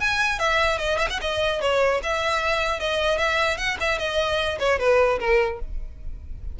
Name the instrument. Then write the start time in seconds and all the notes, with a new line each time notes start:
violin
0.00 G#5
0.39 E5
0.78 D#5
0.98 E5
1.10 F#5
1.21 D#5
1.61 C#5
2.03 E5
2.80 D#5
3.18 E5
3.57 F#5
3.80 E5
3.98 D#5
4.59 C#5
4.79 B4
5.19 A#4